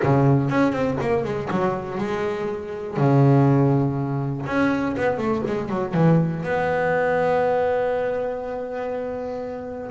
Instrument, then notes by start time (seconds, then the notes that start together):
double bass
0.02 C#3
0.49 C#4
0.72 C4
1.01 A#3
1.24 G#3
1.50 F#3
1.97 G#3
2.96 C#3
4.46 C#4
4.97 B3
5.17 A3
5.47 G#3
5.69 F#3
5.94 E3
6.43 B3